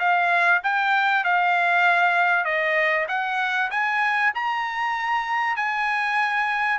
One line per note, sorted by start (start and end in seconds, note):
0.00 0.62 F5
0.64 1.25 G5
1.25 2.45 F5
2.45 3.07 D#5
3.09 3.71 F#5
3.71 4.33 G#5
4.35 5.57 A#5
5.57 6.79 G#5